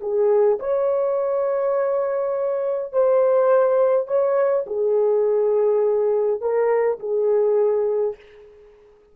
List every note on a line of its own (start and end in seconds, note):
0.00 0.58 G#4
0.59 2.92 C#5
2.92 4.07 C5
4.07 4.65 C#5
4.66 6.41 G#4
6.41 6.99 A#4
6.99 8.16 G#4